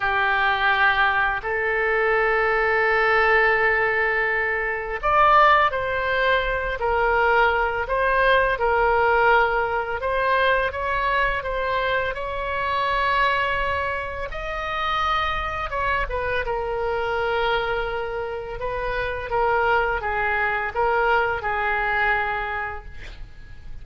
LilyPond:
\new Staff \with { instrumentName = "oboe" } { \time 4/4 \tempo 4 = 84 g'2 a'2~ | a'2. d''4 | c''4. ais'4. c''4 | ais'2 c''4 cis''4 |
c''4 cis''2. | dis''2 cis''8 b'8 ais'4~ | ais'2 b'4 ais'4 | gis'4 ais'4 gis'2 | }